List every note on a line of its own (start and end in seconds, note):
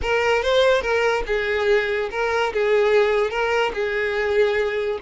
0.02 0.42 A#4
0.42 0.81 C5
0.81 1.23 A#4
1.26 2.09 G#4
2.11 2.52 A#4
2.53 3.30 G#4
3.30 3.72 A#4
3.73 4.98 G#4